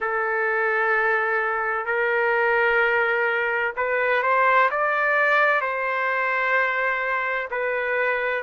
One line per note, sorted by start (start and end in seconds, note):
0.00 1.85 A4
1.85 3.73 A#4
3.76 4.22 B4
4.22 4.69 C5
4.70 5.61 D5
5.61 7.48 C5
7.50 8.43 B4